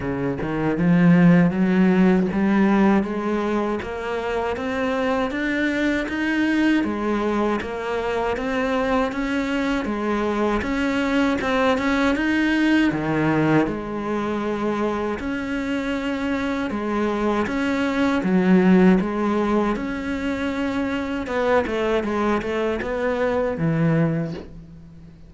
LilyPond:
\new Staff \with { instrumentName = "cello" } { \time 4/4 \tempo 4 = 79 cis8 dis8 f4 fis4 g4 | gis4 ais4 c'4 d'4 | dis'4 gis4 ais4 c'4 | cis'4 gis4 cis'4 c'8 cis'8 |
dis'4 dis4 gis2 | cis'2 gis4 cis'4 | fis4 gis4 cis'2 | b8 a8 gis8 a8 b4 e4 | }